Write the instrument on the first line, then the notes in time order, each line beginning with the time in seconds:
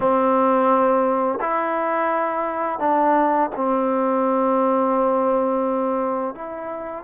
trombone
0.00 C4
1.41 E4
2.79 D4
3.55 C4
6.34 E4